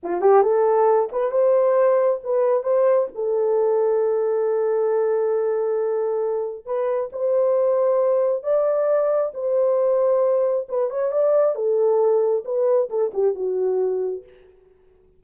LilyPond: \new Staff \with { instrumentName = "horn" } { \time 4/4 \tempo 4 = 135 f'8 g'8 a'4. b'8 c''4~ | c''4 b'4 c''4 a'4~ | a'1~ | a'2. b'4 |
c''2. d''4~ | d''4 c''2. | b'8 cis''8 d''4 a'2 | b'4 a'8 g'8 fis'2 | }